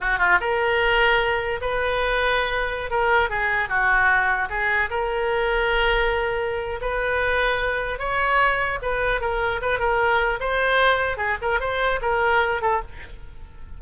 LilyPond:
\new Staff \with { instrumentName = "oboe" } { \time 4/4 \tempo 4 = 150 fis'8 f'8 ais'2. | b'2.~ b'16 ais'8.~ | ais'16 gis'4 fis'2 gis'8.~ | gis'16 ais'2.~ ais'8.~ |
ais'4 b'2. | cis''2 b'4 ais'4 | b'8 ais'4. c''2 | gis'8 ais'8 c''4 ais'4. a'8 | }